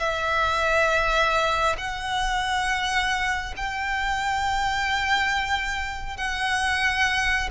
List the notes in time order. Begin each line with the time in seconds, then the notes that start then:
0.00 E5
1.78 F#5
3.57 G5
6.17 F#5